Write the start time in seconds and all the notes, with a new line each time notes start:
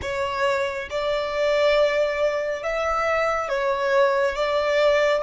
0.01 C#5
0.89 D5
2.63 E5
3.49 C#5
4.35 D5